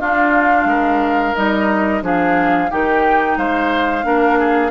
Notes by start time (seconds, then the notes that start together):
0.00 D4 F4 F5
0.65 G#3 A#4
1.35 G3 D#4 D#5
2.02 F3 D4 G#4 F5
2.70 D#3 D#4 G4 G5
3.37 G#3 C5 F5
4.03 A#3 D4 A#4
4.39 G#4